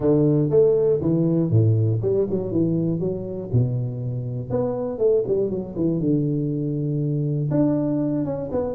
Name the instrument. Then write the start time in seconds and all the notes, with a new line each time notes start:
tuba
0.00 D3
0.50 A3
1.01 E3
1.50 A2
2.02 G3
2.30 F#3
2.51 E3
2.99 F#3
3.52 B2
4.50 B3
4.98 A3
5.27 G3
5.50 F#3
5.76 E3
6.00 D3
7.50 D4
8.24 C#4
8.51 B3